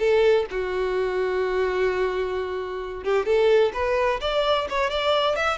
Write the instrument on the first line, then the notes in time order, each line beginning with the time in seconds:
violin
0.00 A4
0.51 F#4
3.04 G4
3.26 A4
3.74 B4
4.22 D5
4.70 C#5
4.91 D5
5.36 E5